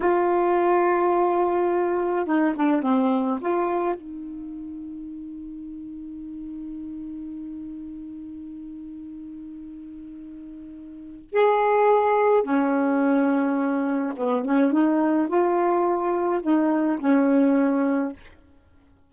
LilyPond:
\new Staff \with { instrumentName = "saxophone" } { \time 4/4 \tempo 4 = 106 f'1 | dis'8 d'8 c'4 f'4 dis'4~ | dis'1~ | dis'1~ |
dis'1 | gis'2 cis'2~ | cis'4 b8 cis'8 dis'4 f'4~ | f'4 dis'4 cis'2 | }